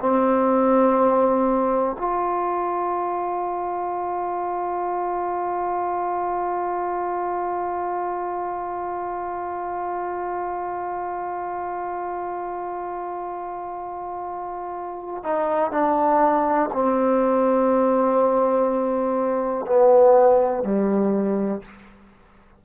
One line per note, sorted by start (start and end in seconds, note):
0.00 1.97 C4
1.99 15.24 F4
15.24 15.72 D#4
15.72 16.70 D4
16.73 19.66 C4
19.66 20.64 B3
20.64 21.62 G3